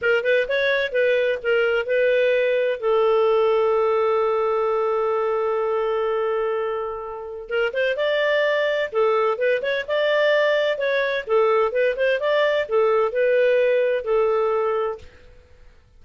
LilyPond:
\new Staff \with { instrumentName = "clarinet" } { \time 4/4 \tempo 4 = 128 ais'8 b'8 cis''4 b'4 ais'4 | b'2 a'2~ | a'1~ | a'1 |
ais'8 c''8 d''2 a'4 | b'8 cis''8 d''2 cis''4 | a'4 b'8 c''8 d''4 a'4 | b'2 a'2 | }